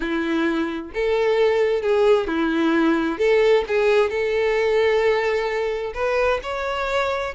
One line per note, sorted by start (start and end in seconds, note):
0.00 0.91 E4
0.93 1.82 A4
1.82 2.27 G#4
2.27 3.18 E4
3.18 3.64 A4
3.67 4.10 G#4
4.10 5.93 A4
5.94 6.40 B4
6.42 7.34 C#5